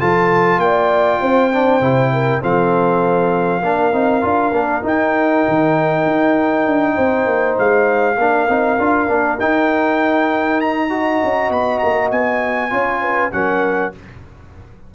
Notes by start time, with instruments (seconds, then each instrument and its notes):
0.00 tuba F3, trombone F4, horn A4, trumpet A5
0.58 tuba A#3, horn D5, trumpet G5
1.21 tuba C4, horn C5
1.53 trombone D4
1.81 tuba C3, trombone E4
2.13 horn A#4
2.41 tuba F3, trombone C4, horn A4, trumpet F5
3.63 tuba A#3, trombone D4, horn A#4
3.93 tuba C4, trombone D#4
4.22 tuba D4, trombone F4
4.52 tuba A#3, trombone D4
4.83 trombone D#4, tuba D#4, trumpet G5
5.48 tuba D#3
6.06 tuba D#4
6.67 tuba D4
6.95 tuba C4, horn C5
7.26 tuba A#3
7.59 tuba G#3, trumpet F5
8.18 tuba A#3, trombone D4, horn A#4
8.48 tuba C4, trombone D#4
8.79 tuba D4, trombone F4
9.08 tuba A#3, trombone D4
9.40 tuba D#4, trombone D#4, trumpet G5
10.61 trumpet A#5
10.90 trombone F#4, horn D#5
11.24 tuba C#4
11.50 tuba B3, trumpet B5
11.79 tuba A#3, trumpet A#5
12.12 tuba B3, trumpet G#5
12.71 tuba C#4, trombone F4, horn C#5
13.02 horn B4
13.32 tuba F#3, trombone C#4, horn A#4, trumpet F#5